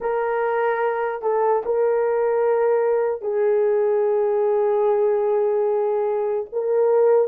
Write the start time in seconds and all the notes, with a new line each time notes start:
0.00 A#4
1.22 A4
1.65 A#4
3.21 G#4
6.52 A#4